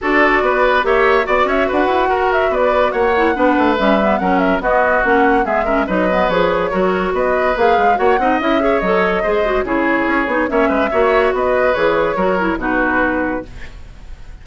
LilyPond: <<
  \new Staff \with { instrumentName = "flute" } { \time 4/4 \tempo 4 = 143 d''2 e''4 d''8 e''8 | fis''4. e''8 d''4 fis''4~ | fis''4 e''4 fis''8 e''8 dis''4 | fis''4 e''4 dis''4 cis''4~ |
cis''4 dis''4 f''4 fis''4 | e''4 dis''2 cis''4~ | cis''4 e''2 dis''4 | cis''2 b'2 | }
  \new Staff \with { instrumentName = "oboe" } { \time 4/4 a'4 b'4 cis''4 d''8 cis''8 | b'4 ais'4 b'4 cis''4 | b'2 ais'4 fis'4~ | fis'4 gis'8 ais'8 b'2 |
ais'4 b'2 cis''8 dis''8~ | dis''8 cis''4. c''4 gis'4~ | gis'4 cis''8 b'8 cis''4 b'4~ | b'4 ais'4 fis'2 | }
  \new Staff \with { instrumentName = "clarinet" } { \time 4/4 fis'2 g'4 fis'4~ | fis'2.~ fis'8 e'8 | d'4 cis'8 b8 cis'4 b4 | cis'4 b8 cis'8 dis'8 b8 gis'4 |
fis'2 gis'4 fis'8 dis'8 | e'8 gis'8 a'4 gis'8 fis'8 e'4~ | e'8 dis'8 cis'4 fis'2 | gis'4 fis'8 e'8 dis'2 | }
  \new Staff \with { instrumentName = "bassoon" } { \time 4/4 d'4 b4 ais4 b8 cis'8 | d'8 e'8 fis'4 b4 ais4 | b8 a8 g4 fis4 b4 | ais4 gis4 fis4 f4 |
fis4 b4 ais8 gis8 ais8 c'8 | cis'4 fis4 gis4 cis4 | cis'8 b8 ais8 gis8 ais4 b4 | e4 fis4 b,2 | }
>>